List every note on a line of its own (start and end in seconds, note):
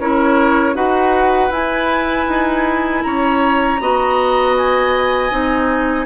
0.00 0.75 C#4
0.00 0.75 E4
0.00 0.76 A#4
0.00 0.76 C#5
0.75 1.50 D#4
0.75 1.51 F#4
0.75 3.04 B4
0.75 1.52 F#5
1.50 2.26 E4
1.50 3.79 E4
1.50 3.03 G#5
2.28 3.04 D#4
3.03 3.81 C#4
3.03 3.81 C#5
3.03 4.55 A#5
3.81 5.31 B3
3.81 5.31 F#4
3.81 6.07 D#5
4.58 6.07 G#5
5.31 6.07 C4
5.31 6.07 D#4